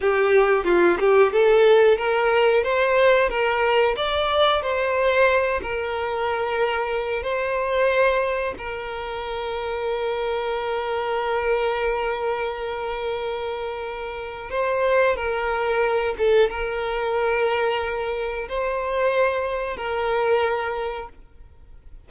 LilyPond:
\new Staff \with { instrumentName = "violin" } { \time 4/4 \tempo 4 = 91 g'4 f'8 g'8 a'4 ais'4 | c''4 ais'4 d''4 c''4~ | c''8 ais'2~ ais'8 c''4~ | c''4 ais'2.~ |
ais'1~ | ais'2 c''4 ais'4~ | ais'8 a'8 ais'2. | c''2 ais'2 | }